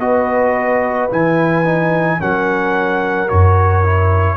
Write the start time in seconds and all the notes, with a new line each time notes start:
0.00 B3 F#4 B4 D#5
1.11 E3 E4 G#5
1.65 D#4
2.19 F#3 C#4 A#4 F#5
3.29 F#2 F#4 C#5
3.83 E4